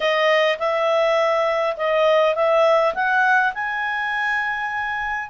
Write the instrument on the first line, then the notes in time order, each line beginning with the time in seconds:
clarinet
0.00 D#5
0.59 E5
1.76 D#5
2.35 E5
2.94 F#5
3.54 G#5